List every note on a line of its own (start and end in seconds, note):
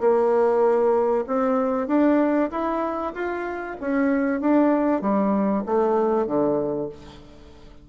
0.00 1.25 A#3
1.27 1.87 C4
1.87 2.50 D4
2.51 3.13 E4
3.14 3.76 F4
3.80 4.40 C#4
4.40 5.01 D4
5.01 5.64 G3
5.66 6.26 A3
6.26 6.89 D3